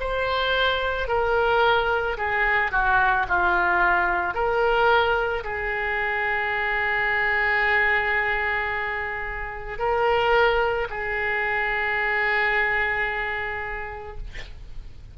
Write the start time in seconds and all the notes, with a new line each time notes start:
0.00 C5
1.08 A#4
2.18 G#4
2.72 F#4
3.29 F4
4.35 A#4
5.44 G#4
9.79 A#4
10.90 G#4